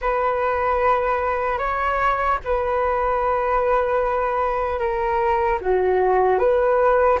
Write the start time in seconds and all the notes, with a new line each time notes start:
0.01 B4
1.58 C#5
2.44 B4
4.79 A#4
5.61 F#4
6.39 B4